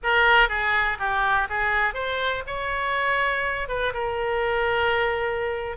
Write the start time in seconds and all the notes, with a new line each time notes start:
0.03 A#4
0.48 G#4
0.98 G4
1.49 G#4
1.94 C5
2.46 C#5
3.68 B4
3.93 A#4